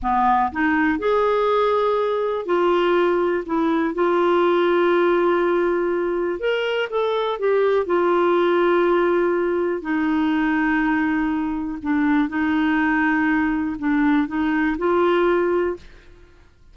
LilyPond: \new Staff \with { instrumentName = "clarinet" } { \time 4/4 \tempo 4 = 122 b4 dis'4 gis'2~ | gis'4 f'2 e'4 | f'1~ | f'4 ais'4 a'4 g'4 |
f'1 | dis'1 | d'4 dis'2. | d'4 dis'4 f'2 | }